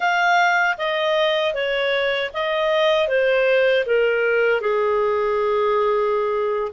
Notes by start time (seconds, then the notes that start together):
0.00 F5
0.77 D#5
1.53 C#5
2.33 D#5
3.08 C5
3.86 A#4
4.60 G#4